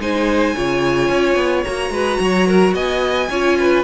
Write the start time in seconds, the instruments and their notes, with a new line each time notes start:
0.00 cello G#3, viola D#4, violin C5 G#5
0.56 cello C#3, viola F4, violin C#5
1.10 cello C#4
1.36 cello B3
1.64 cello A#3, viola F#4, violin A#5
1.90 cello G#3, violin B4
2.20 cello F#3, violin C#5
2.48 violin A#4
2.74 cello B3, violin D#5 G#5
3.30 cello C#4, viola F4, violin C#5
3.59 violin B4